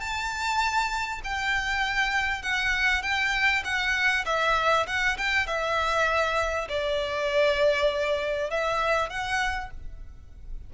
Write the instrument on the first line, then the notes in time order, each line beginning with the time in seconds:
violin
0.00 A5
1.24 G5
2.42 F#5
3.02 G5
3.64 F#5
4.26 E5
4.87 F#5
5.18 G5
5.47 E5
6.69 D5
8.51 E5
9.10 F#5